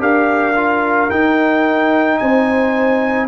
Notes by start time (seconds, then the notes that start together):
0.00 D4 G4 A#4 F5
0.56 F4
1.10 D#4 G5
2.18 C4 C5 G#5